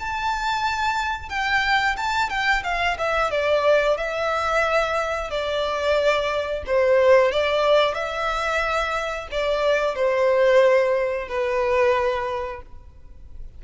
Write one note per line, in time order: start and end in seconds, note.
0.00 1.30 A5
1.30 1.96 G5
1.97 2.30 A5
2.30 2.63 G5
2.64 2.98 F5
2.98 3.31 E5
3.31 3.98 D5
3.98 5.31 E5
5.31 6.64 D5
6.67 7.32 C5
7.32 7.95 D5
7.95 9.28 E5
9.32 9.96 D5
9.96 11.29 C5
11.29 12.62 B4